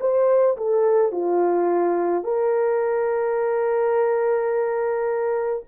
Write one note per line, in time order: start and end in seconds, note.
0.00 0.57 C5
0.57 1.12 A4
1.12 2.23 F4
2.23 5.63 A#4